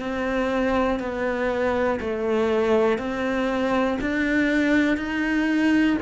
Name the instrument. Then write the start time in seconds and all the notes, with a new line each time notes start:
cello
0.00 C4
1.00 B3
2.00 A3
2.98 C4
4.01 D4
4.97 D#4